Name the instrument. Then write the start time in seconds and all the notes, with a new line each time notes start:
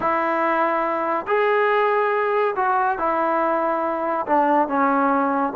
trombone
0.00 E4
1.27 G#4
2.56 F#4
2.98 E4
4.26 D4
4.68 C#4